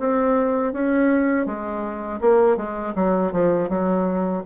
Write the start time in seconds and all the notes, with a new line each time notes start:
0.00 C4
0.73 C#4
1.46 G#3
2.22 A#3
2.57 G#3
2.96 F#3
3.33 F3
3.70 F#3